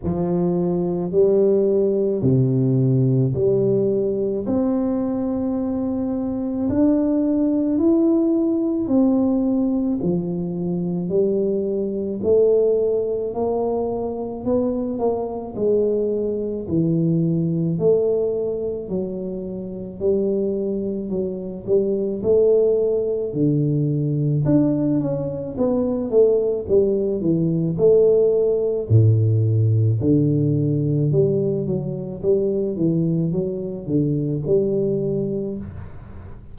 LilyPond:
\new Staff \with { instrumentName = "tuba" } { \time 4/4 \tempo 4 = 54 f4 g4 c4 g4 | c'2 d'4 e'4 | c'4 f4 g4 a4 | ais4 b8 ais8 gis4 e4 |
a4 fis4 g4 fis8 g8 | a4 d4 d'8 cis'8 b8 a8 | g8 e8 a4 a,4 d4 | g8 fis8 g8 e8 fis8 d8 g4 | }